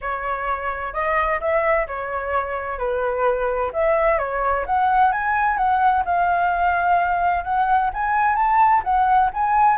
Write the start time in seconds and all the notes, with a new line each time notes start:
0.01 C#5
0.93 D#5
1.40 E5
1.87 C#5
2.78 B4
3.73 E5
4.18 C#5
4.66 F#5
5.12 G#5
5.57 F#5
6.05 F5
7.44 F#5
7.93 G#5
8.35 A5
8.84 F#5
9.33 G#5